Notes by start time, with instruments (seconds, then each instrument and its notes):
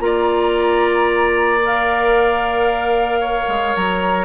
0.00 bassoon A#3, clarinet F4, oboe D5, flute A#5
1.64 clarinet A#4, flute F5
3.20 oboe C#5
3.48 bassoon G#3
3.76 bassoon F#3, flute A#5